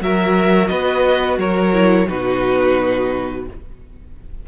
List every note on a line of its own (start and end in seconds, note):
0.00 0.69 F#3
0.00 1.72 F#4
0.00 0.70 A#4
0.00 0.67 E5
0.67 1.38 B3
0.67 1.39 B4
0.67 1.36 D#5
1.38 2.07 F#3
1.38 2.08 A#4
1.38 2.08 C#5
1.73 2.08 E4
2.08 3.48 B2
2.08 3.46 D#4
2.08 3.46 F#4
2.08 3.46 B4